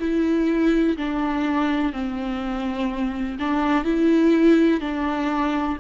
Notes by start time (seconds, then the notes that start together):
0.00 E4
0.97 D4
1.93 C4
3.40 D4
3.84 E4
4.80 D4